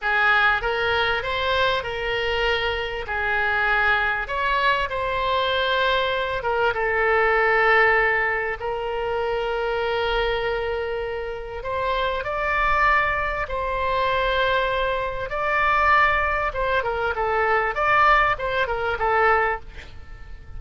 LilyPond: \new Staff \with { instrumentName = "oboe" } { \time 4/4 \tempo 4 = 98 gis'4 ais'4 c''4 ais'4~ | ais'4 gis'2 cis''4 | c''2~ c''8 ais'8 a'4~ | a'2 ais'2~ |
ais'2. c''4 | d''2 c''2~ | c''4 d''2 c''8 ais'8 | a'4 d''4 c''8 ais'8 a'4 | }